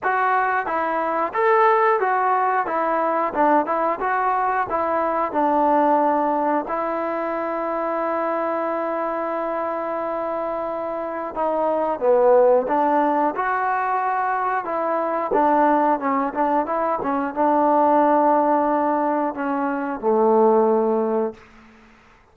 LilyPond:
\new Staff \with { instrumentName = "trombone" } { \time 4/4 \tempo 4 = 90 fis'4 e'4 a'4 fis'4 | e'4 d'8 e'8 fis'4 e'4 | d'2 e'2~ | e'1~ |
e'4 dis'4 b4 d'4 | fis'2 e'4 d'4 | cis'8 d'8 e'8 cis'8 d'2~ | d'4 cis'4 a2 | }